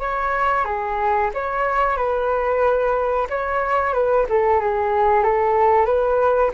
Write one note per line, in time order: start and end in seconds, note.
0.00 0.65 C#5
0.65 1.30 G#4
1.34 1.97 C#5
1.97 3.28 B4
3.30 3.94 C#5
3.94 4.27 B4
4.30 4.61 A4
4.61 5.24 G#4
5.24 5.86 A4
5.86 6.51 B4